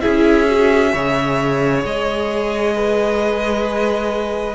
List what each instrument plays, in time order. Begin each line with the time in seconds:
0.00 cello C#4, viola E4, violin G#4 E5
0.48 viola F#4
0.92 cello C#3, viola G#4, violin C#5
1.85 cello G#3, violin D#5
2.75 violin B4